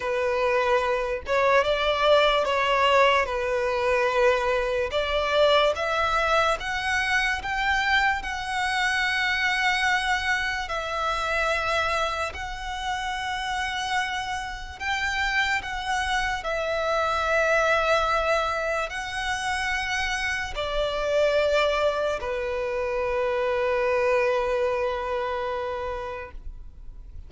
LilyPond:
\new Staff \with { instrumentName = "violin" } { \time 4/4 \tempo 4 = 73 b'4. cis''8 d''4 cis''4 | b'2 d''4 e''4 | fis''4 g''4 fis''2~ | fis''4 e''2 fis''4~ |
fis''2 g''4 fis''4 | e''2. fis''4~ | fis''4 d''2 b'4~ | b'1 | }